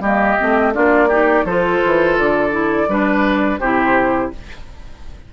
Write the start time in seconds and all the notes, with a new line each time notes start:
0.00 G3 A#3 G4 D#5
0.39 A3 C4
0.74 A#3 D4 F4 D5
1.09 D#4 G4
1.44 F3 F4 A4 C5
1.85 E3
2.19 D3 D5
2.51 E4
2.88 G3 D4 B4
3.60 C3 E4 G4 C5